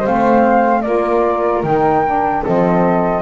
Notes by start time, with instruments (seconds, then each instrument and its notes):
0.00 saxophone C4, flute C5
0.06 double bass A3, flute F5
0.82 double bass A#3, saxophone F4, flute A#4 D5
1.63 double bass D#3, saxophone D#4, flute G5
2.05 saxophone D4
2.43 double bass F3, saxophone C4, flute A4 D#5